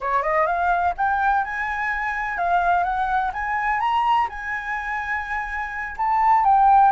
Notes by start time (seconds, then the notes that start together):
0.01 C#5
0.23 D#5
0.46 F5
0.97 G5
1.44 G#5
2.37 F5
2.83 F#5
3.33 G#5
3.80 A#5
4.29 G#5
5.97 A5
6.44 G5